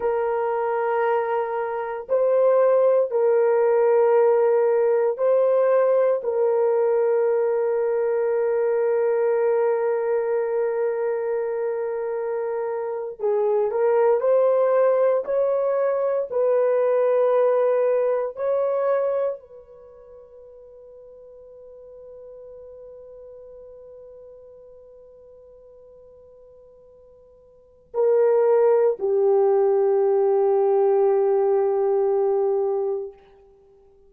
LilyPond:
\new Staff \with { instrumentName = "horn" } { \time 4/4 \tempo 4 = 58 ais'2 c''4 ais'4~ | ais'4 c''4 ais'2~ | ais'1~ | ais'8. gis'8 ais'8 c''4 cis''4 b'16~ |
b'4.~ b'16 cis''4 b'4~ b'16~ | b'1~ | b'2. ais'4 | g'1 | }